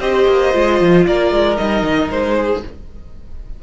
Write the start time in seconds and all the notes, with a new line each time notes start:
0.00 C4 G4 C5 D#5
0.29 A#3
0.53 G#3 F4
0.81 F3
1.07 A#3 A#4 D5
1.32 G#3
1.58 G3 D#4 D#5
1.83 D#3
2.11 G#3 C5
2.36 G#4